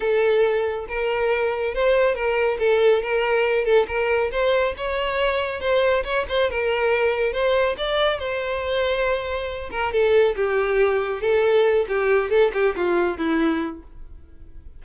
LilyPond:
\new Staff \with { instrumentName = "violin" } { \time 4/4 \tempo 4 = 139 a'2 ais'2 | c''4 ais'4 a'4 ais'4~ | ais'8 a'8 ais'4 c''4 cis''4~ | cis''4 c''4 cis''8 c''8 ais'4~ |
ais'4 c''4 d''4 c''4~ | c''2~ c''8 ais'8 a'4 | g'2 a'4. g'8~ | g'8 a'8 g'8 f'4 e'4. | }